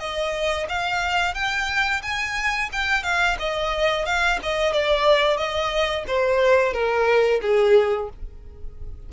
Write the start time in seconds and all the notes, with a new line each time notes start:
0.00 D#5
0.69 F5
1.35 G5
2.03 G#5
2.73 G5
3.04 F5
3.40 D#5
4.06 F5
4.43 D#5
4.73 D5
5.37 D#5
6.08 C5
6.74 A#4
7.42 G#4